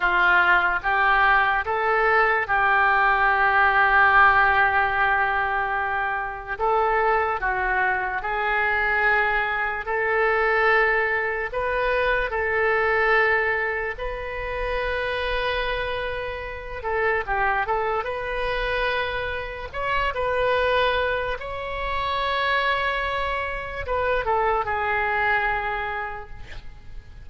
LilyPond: \new Staff \with { instrumentName = "oboe" } { \time 4/4 \tempo 4 = 73 f'4 g'4 a'4 g'4~ | g'1 | a'4 fis'4 gis'2 | a'2 b'4 a'4~ |
a'4 b'2.~ | b'8 a'8 g'8 a'8 b'2 | cis''8 b'4. cis''2~ | cis''4 b'8 a'8 gis'2 | }